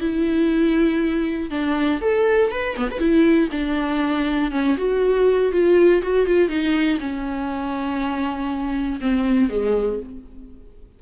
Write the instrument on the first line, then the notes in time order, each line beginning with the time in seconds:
viola
0.00 E4
1.50 D4
2.01 A4
2.51 B4
2.76 B3
2.90 B4
2.98 E4
3.51 D4
4.51 C#4
4.77 F#4
5.52 F4
6.02 F#4
6.26 F4
6.49 D#4
7.00 C#4
9.00 C4
9.49 G#3